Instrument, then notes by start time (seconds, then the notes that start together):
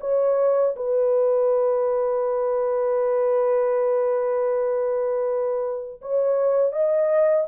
horn
0.00 C#5
0.76 B4
6.01 C#5
6.72 D#5